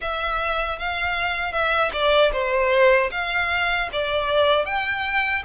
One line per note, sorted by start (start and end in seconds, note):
0.01 0.78 E5
0.78 1.52 F5
1.52 1.91 E5
1.92 2.31 D5
2.32 3.10 C5
3.11 3.89 F5
3.92 4.65 D5
4.65 5.43 G5